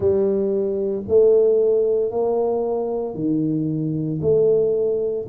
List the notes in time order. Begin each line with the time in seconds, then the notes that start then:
0.00 G3
1.08 A3
2.11 A#3
3.14 D#3
4.21 A3